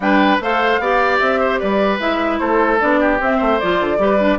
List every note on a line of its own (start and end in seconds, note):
0.00 0.37 G3
0.00 0.41 D4
0.00 0.42 B4
0.00 0.39 G5
0.40 0.79 A3
0.40 0.81 A4
0.40 0.80 C5
0.40 1.18 F5
0.79 1.19 B3
0.79 1.99 G4
0.79 1.40 D5
1.18 1.61 C4
1.18 1.58 E5
1.40 1.59 C5
1.59 1.99 G3
1.59 2.39 B4
1.59 1.99 D5
1.99 2.39 G#3
1.99 2.79 E4
1.99 2.38 E5
2.38 2.80 A3
2.38 3.00 A4
2.38 2.78 C5
2.80 3.20 B3
2.80 3.20 D4
2.80 3.20 D5
3.00 3.36 G4
3.20 3.40 C4
3.20 3.61 C4
3.20 3.59 E5
3.36 3.60 A3
3.36 3.96 C5
3.59 3.80 F3
3.59 3.98 F4
3.59 4.38 D5
3.80 3.98 D3
3.98 4.38 G3
3.98 4.18 G4
3.98 4.38 B4
4.18 4.38 D4